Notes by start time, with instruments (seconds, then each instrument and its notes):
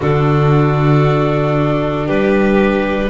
0.00 double bass D3, viola D4, violin F#4, clarinet A4
2.06 double bass G3, violin G4, clarinet B4